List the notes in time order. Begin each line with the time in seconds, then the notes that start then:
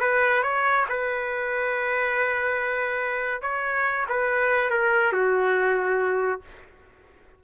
0.00 B4
0.43 C#5
0.89 B4
3.42 C#5
4.09 B4
4.70 A#4
5.12 F#4